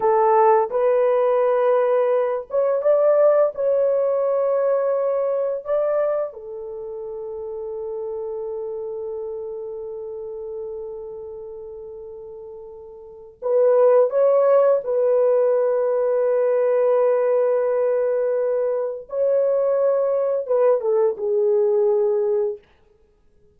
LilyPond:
\new Staff \with { instrumentName = "horn" } { \time 4/4 \tempo 4 = 85 a'4 b'2~ b'8 cis''8 | d''4 cis''2. | d''4 a'2.~ | a'1~ |
a'2. b'4 | cis''4 b'2.~ | b'2. cis''4~ | cis''4 b'8 a'8 gis'2 | }